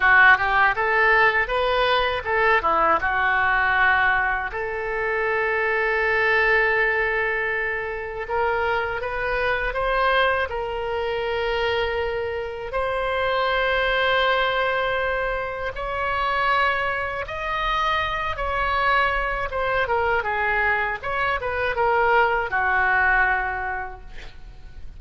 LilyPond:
\new Staff \with { instrumentName = "oboe" } { \time 4/4 \tempo 4 = 80 fis'8 g'8 a'4 b'4 a'8 e'8 | fis'2 a'2~ | a'2. ais'4 | b'4 c''4 ais'2~ |
ais'4 c''2.~ | c''4 cis''2 dis''4~ | dis''8 cis''4. c''8 ais'8 gis'4 | cis''8 b'8 ais'4 fis'2 | }